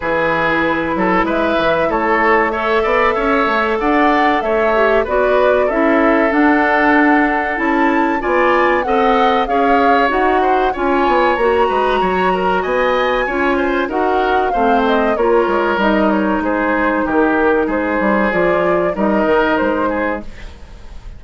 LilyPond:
<<
  \new Staff \with { instrumentName = "flute" } { \time 4/4 \tempo 4 = 95 b'2 e''4 cis''4 | e''2 fis''4 e''4 | d''4 e''4 fis''2 | a''4 gis''4 fis''4 f''4 |
fis''4 gis''4 ais''2 | gis''2 fis''4 f''8 dis''8 | cis''4 dis''8 cis''8 c''4 ais'4 | c''4 d''4 dis''4 c''4 | }
  \new Staff \with { instrumentName = "oboe" } { \time 4/4 gis'4. a'8 b'4 a'4 | cis''8 d''8 cis''4 d''4 cis''4 | b'4 a'2.~ | a'4 d''4 dis''4 cis''4~ |
cis''8 c''8 cis''4. b'8 cis''8 ais'8 | dis''4 cis''8 c''8 ais'4 c''4 | ais'2 gis'4 g'4 | gis'2 ais'4. gis'8 | }
  \new Staff \with { instrumentName = "clarinet" } { \time 4/4 e'1 | a'2.~ a'8 g'8 | fis'4 e'4 d'2 | e'4 f'4 a'4 gis'4 |
fis'4 f'4 fis'2~ | fis'4 f'4 fis'4 c'4 | f'4 dis'2.~ | dis'4 f'4 dis'2 | }
  \new Staff \with { instrumentName = "bassoon" } { \time 4/4 e4. fis8 gis8 e8 a4~ | a8 b8 cis'8 a8 d'4 a4 | b4 cis'4 d'2 | cis'4 b4 c'4 cis'4 |
dis'4 cis'8 b8 ais8 gis8 fis4 | b4 cis'4 dis'4 a4 | ais8 gis8 g4 gis4 dis4 | gis8 g8 f4 g8 dis8 gis4 | }
>>